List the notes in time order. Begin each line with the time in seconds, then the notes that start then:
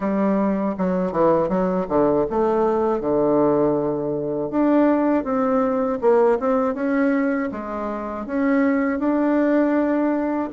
0.00 G3
0.77 F#3
1.12 E3
1.48 F#3
1.88 D3
2.30 A3
3.00 D3
4.50 D4
5.24 C4
6.01 A#3
6.40 C4
6.74 C#4
7.51 G#3
8.26 C#4
8.99 D4